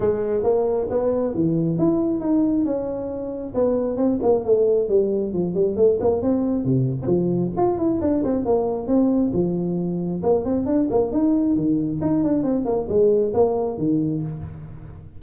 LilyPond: \new Staff \with { instrumentName = "tuba" } { \time 4/4 \tempo 4 = 135 gis4 ais4 b4 e4 | e'4 dis'4 cis'2 | b4 c'8 ais8 a4 g4 | f8 g8 a8 ais8 c'4 c8. c'16 |
f4 f'8 e'8 d'8 c'8 ais4 | c'4 f2 ais8 c'8 | d'8 ais8 dis'4 dis4 dis'8 d'8 | c'8 ais8 gis4 ais4 dis4 | }